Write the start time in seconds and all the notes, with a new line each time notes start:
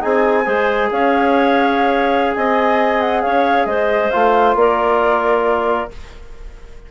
0.00 C4 D#4 G#4 G#5
0.44 G#3 G#4 C5
0.91 C#4 C#5 F5
2.34 C4 D#5 G#5
3.00 F#5
3.21 C#4 C#5 F5
3.65 G#3 C5 D#5
4.10 A3 F4 F5
4.54 A#3 A#4 D5